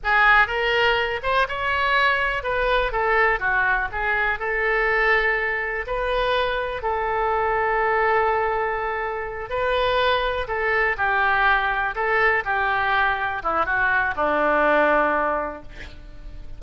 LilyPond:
\new Staff \with { instrumentName = "oboe" } { \time 4/4 \tempo 4 = 123 gis'4 ais'4. c''8 cis''4~ | cis''4 b'4 a'4 fis'4 | gis'4 a'2. | b'2 a'2~ |
a'2.~ a'8 b'8~ | b'4. a'4 g'4.~ | g'8 a'4 g'2 e'8 | fis'4 d'2. | }